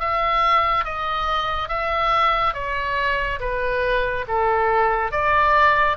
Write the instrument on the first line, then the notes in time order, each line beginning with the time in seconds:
oboe
0.00 E5
0.85 D#5
1.69 E5
2.54 C#5
3.40 B4
4.28 A4
5.12 D5